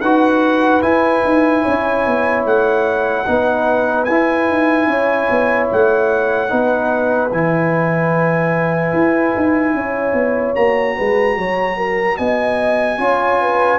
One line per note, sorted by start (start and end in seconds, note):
0.00 0.82 D#4
0.00 0.81 F#4
0.00 1.62 B4
0.00 0.81 F#5
0.81 3.24 E4
0.81 1.22 E4
0.81 2.44 G#5
1.24 1.65 D#4
1.62 2.06 C#4
1.62 3.24 C#5
2.06 2.45 B3
2.45 3.26 A3
2.45 4.04 F#5
3.26 4.08 B3
3.26 4.07 D#4
3.26 4.89 B4
4.04 4.48 E4
4.04 5.66 G#5
4.10 6.48 E4
4.48 4.86 D#4
4.86 5.27 C#4
4.86 6.50 C#5
5.30 5.70 B3
5.72 6.51 A3
5.72 7.31 F#5
6.48 7.31 B3
6.48 7.30 D#4
6.48 9.74 B4
7.31 8.93 E3
7.31 10.56 E4
7.31 10.55 G#5
8.93 9.33 E4
9.36 9.73 D#4
9.73 10.13 C#4
9.73 10.96 C#5
10.13 10.53 B3
10.55 10.96 A#3
10.55 12.98 F#4
10.55 12.17 A#5
10.96 11.37 G#3
10.96 11.36 B4
11.37 12.18 F#3
11.37 11.76 C#5
11.76 12.17 A#4
12.17 12.97 B3
12.17 12.99 D#5
12.17 13.78 G#5
12.97 13.78 C#4
12.97 13.78 F4
12.97 13.41 C#5
13.41 13.78 B4